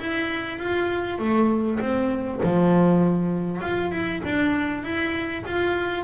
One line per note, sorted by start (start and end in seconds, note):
0.00 0.60 E4
0.60 1.19 F4
1.19 1.80 A3
1.80 2.41 C4
2.44 3.62 F3
3.62 3.92 F4
3.92 4.22 E4
4.25 4.84 D4
4.84 5.45 E4
5.46 6.04 F4